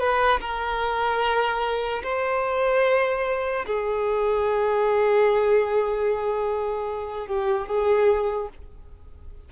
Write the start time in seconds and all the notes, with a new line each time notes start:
0.00 B4
0.41 A#4
2.04 C5
3.66 G#4
7.28 G4
7.68 G#4